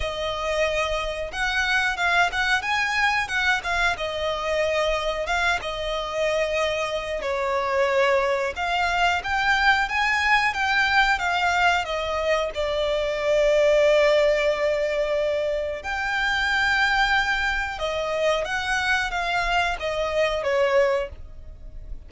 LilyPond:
\new Staff \with { instrumentName = "violin" } { \time 4/4 \tempo 4 = 91 dis''2 fis''4 f''8 fis''8 | gis''4 fis''8 f''8 dis''2 | f''8 dis''2~ dis''8 cis''4~ | cis''4 f''4 g''4 gis''4 |
g''4 f''4 dis''4 d''4~ | d''1 | g''2. dis''4 | fis''4 f''4 dis''4 cis''4 | }